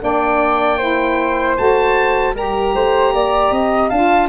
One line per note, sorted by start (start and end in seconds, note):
0.00 1.57 A#3
0.00 0.78 D4
0.00 0.77 D5
0.00 1.56 G5
0.77 1.56 E4
0.77 2.33 C5
1.56 2.35 A3
1.56 2.34 F#4
1.56 2.34 A5
2.34 2.74 G3
2.34 3.90 G4
2.34 2.73 A#4
2.34 3.90 A#5
2.74 3.13 A3
2.74 3.13 C5
3.13 3.50 A#3
3.13 3.52 D5
3.50 3.89 C4
3.50 3.89 D#5
3.89 4.29 D4
3.89 4.29 F4
3.89 4.28 F5
3.89 4.29 A5